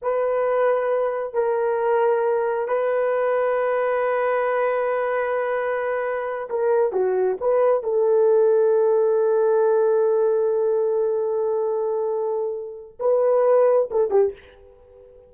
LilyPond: \new Staff \with { instrumentName = "horn" } { \time 4/4 \tempo 4 = 134 b'2. ais'4~ | ais'2 b'2~ | b'1~ | b'2~ b'8 ais'4 fis'8~ |
fis'8 b'4 a'2~ a'8~ | a'1~ | a'1~ | a'4 b'2 a'8 g'8 | }